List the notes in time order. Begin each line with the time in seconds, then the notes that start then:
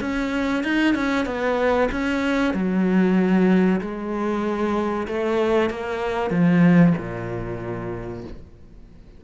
0.00 C#4
0.63 D#4
0.94 C#4
1.25 B3
1.91 C#4
2.54 F#3
3.80 G#3
5.07 A3
5.70 A#3
6.30 F3
6.97 A#2